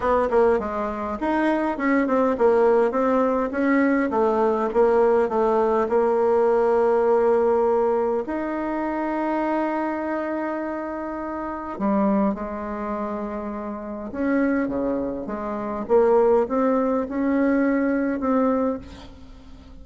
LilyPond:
\new Staff \with { instrumentName = "bassoon" } { \time 4/4 \tempo 4 = 102 b8 ais8 gis4 dis'4 cis'8 c'8 | ais4 c'4 cis'4 a4 | ais4 a4 ais2~ | ais2 dis'2~ |
dis'1 | g4 gis2. | cis'4 cis4 gis4 ais4 | c'4 cis'2 c'4 | }